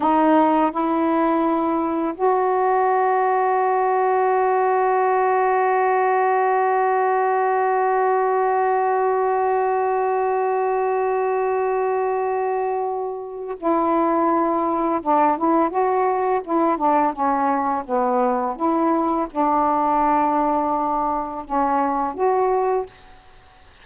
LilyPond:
\new Staff \with { instrumentName = "saxophone" } { \time 4/4 \tempo 4 = 84 dis'4 e'2 fis'4~ | fis'1~ | fis'1~ | fis'1~ |
fis'2. e'4~ | e'4 d'8 e'8 fis'4 e'8 d'8 | cis'4 b4 e'4 d'4~ | d'2 cis'4 fis'4 | }